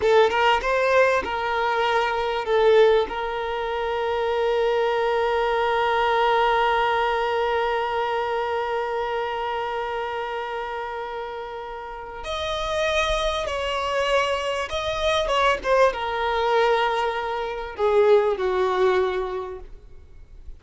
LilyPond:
\new Staff \with { instrumentName = "violin" } { \time 4/4 \tempo 4 = 98 a'8 ais'8 c''4 ais'2 | a'4 ais'2.~ | ais'1~ | ais'1~ |
ais'1 | dis''2 cis''2 | dis''4 cis''8 c''8 ais'2~ | ais'4 gis'4 fis'2 | }